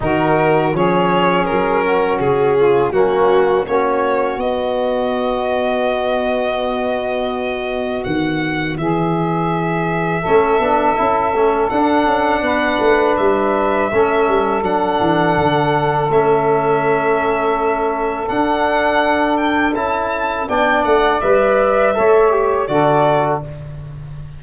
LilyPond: <<
  \new Staff \with { instrumentName = "violin" } { \time 4/4 \tempo 4 = 82 ais'4 cis''4 ais'4 gis'4 | fis'4 cis''4 dis''2~ | dis''2. fis''4 | e''1 |
fis''2 e''2 | fis''2 e''2~ | e''4 fis''4. g''8 a''4 | g''8 fis''8 e''2 d''4 | }
  \new Staff \with { instrumentName = "saxophone" } { \time 4/4 fis'4 gis'4. fis'4 f'8 | cis'4 fis'2.~ | fis'1 | gis'2 a'2~ |
a'4 b'2 a'4~ | a'1~ | a'1 | d''2 cis''4 a'4 | }
  \new Staff \with { instrumentName = "trombone" } { \time 4/4 dis'4 cis'2. | ais4 cis'4 b2~ | b1~ | b2 cis'8 d'8 e'8 cis'8 |
d'2. cis'4 | d'2 cis'2~ | cis'4 d'2 e'4 | d'4 b'4 a'8 g'8 fis'4 | }
  \new Staff \with { instrumentName = "tuba" } { \time 4/4 dis4 f4 fis4 cis4 | fis4 ais4 b2~ | b2. dis4 | e2 a8 b8 cis'8 a8 |
d'8 cis'8 b8 a8 g4 a8 g8 | fis8 e8 d4 a2~ | a4 d'2 cis'4 | b8 a8 g4 a4 d4 | }
>>